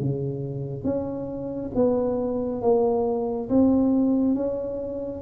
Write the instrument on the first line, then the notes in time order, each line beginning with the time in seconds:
tuba
0.00 C#3
0.84 C#4
1.75 B3
2.62 A#3
3.49 C4
4.35 C#4